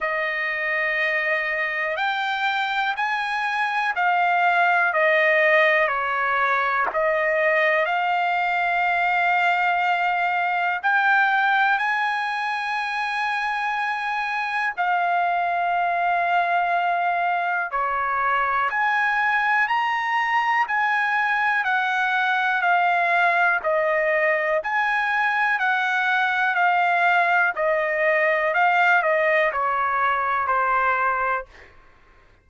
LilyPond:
\new Staff \with { instrumentName = "trumpet" } { \time 4/4 \tempo 4 = 61 dis''2 g''4 gis''4 | f''4 dis''4 cis''4 dis''4 | f''2. g''4 | gis''2. f''4~ |
f''2 cis''4 gis''4 | ais''4 gis''4 fis''4 f''4 | dis''4 gis''4 fis''4 f''4 | dis''4 f''8 dis''8 cis''4 c''4 | }